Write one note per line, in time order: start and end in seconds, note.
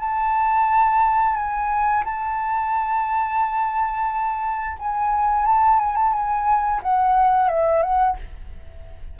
0.00 1.35 A5
1.35 2.04 G#5
2.05 4.77 A5
4.79 5.45 G#5
5.45 5.79 A5
5.79 5.96 G#5
5.96 6.13 A5
6.13 6.81 G#5
6.82 7.48 F#5
7.48 7.83 E5
7.83 8.17 F#5